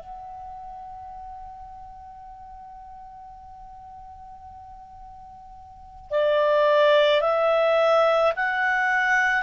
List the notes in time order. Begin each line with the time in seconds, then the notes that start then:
0.00 F#5
6.11 D5
7.22 E5
8.36 F#5